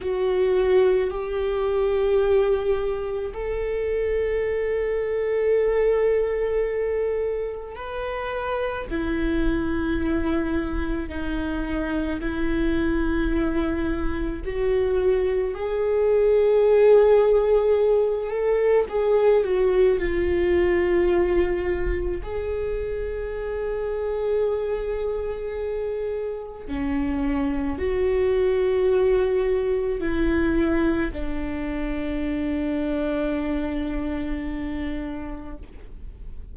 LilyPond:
\new Staff \with { instrumentName = "viola" } { \time 4/4 \tempo 4 = 54 fis'4 g'2 a'4~ | a'2. b'4 | e'2 dis'4 e'4~ | e'4 fis'4 gis'2~ |
gis'8 a'8 gis'8 fis'8 f'2 | gis'1 | cis'4 fis'2 e'4 | d'1 | }